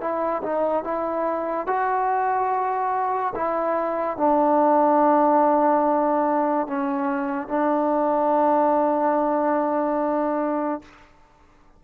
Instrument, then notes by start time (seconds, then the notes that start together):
trombone
0.00 E4
0.42 D#4
0.84 E4
1.67 F#4
3.35 E4
4.17 D4
6.67 C#4
7.48 D4